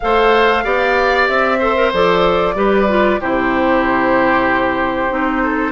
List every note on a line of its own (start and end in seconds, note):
0.00 0.64 A3
0.00 0.63 A4
0.00 0.64 C5
0.00 1.28 F5
0.63 1.28 B3
0.63 1.59 G4
0.63 1.58 D5
1.28 1.92 C4
1.28 1.91 E5
1.58 1.76 A4
1.58 2.54 C5
1.76 1.92 A#4
1.93 2.55 F3
1.93 2.55 A4
1.93 3.21 D5
2.55 3.19 G3
2.55 2.87 G4
2.55 3.20 B4
2.88 3.20 F4
3.20 5.10 C3
3.20 5.09 E4
3.20 5.43 G4
3.20 5.71 C5
5.09 5.71 C4
5.09 5.71 D#4
5.43 5.71 A4